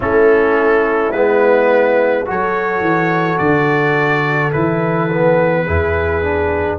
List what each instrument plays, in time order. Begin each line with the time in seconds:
0.00 tuba A3, trombone C#4, horn E4, trumpet A4
1.11 tuba G#3, trombone B3, trumpet B4
2.25 tuba F#3, trombone F#4, horn A4, trumpet C#5
2.80 tuba E3
3.37 tuba D3, trumpet D5
4.52 tuba E3, trombone E4, trumpet B4
5.10 trombone B3
5.64 tuba E2, trombone E4, horn G#4
6.22 trombone D4